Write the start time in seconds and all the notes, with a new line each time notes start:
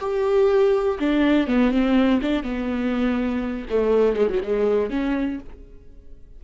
0.00 G4
1.00 D4
1.48 B3
1.71 C4
2.22 D4
2.43 B3
3.70 A3
4.16 G#3
4.29 F#3
4.43 G#3
4.90 C#4